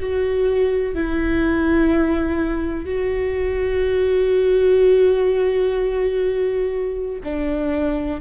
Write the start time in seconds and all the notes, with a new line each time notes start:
0.00 F#4
0.95 E4
2.86 F#4
7.24 D4